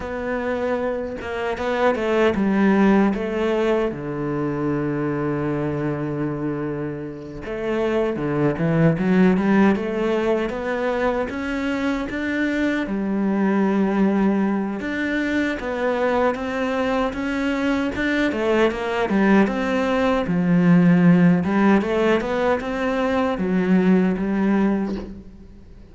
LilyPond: \new Staff \with { instrumentName = "cello" } { \time 4/4 \tempo 4 = 77 b4. ais8 b8 a8 g4 | a4 d2.~ | d4. a4 d8 e8 fis8 | g8 a4 b4 cis'4 d'8~ |
d'8 g2~ g8 d'4 | b4 c'4 cis'4 d'8 a8 | ais8 g8 c'4 f4. g8 | a8 b8 c'4 fis4 g4 | }